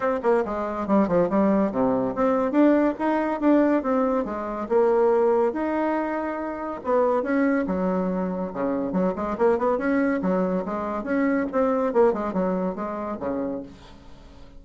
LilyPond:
\new Staff \with { instrumentName = "bassoon" } { \time 4/4 \tempo 4 = 141 c'8 ais8 gis4 g8 f8 g4 | c4 c'4 d'4 dis'4 | d'4 c'4 gis4 ais4~ | ais4 dis'2. |
b4 cis'4 fis2 | cis4 fis8 gis8 ais8 b8 cis'4 | fis4 gis4 cis'4 c'4 | ais8 gis8 fis4 gis4 cis4 | }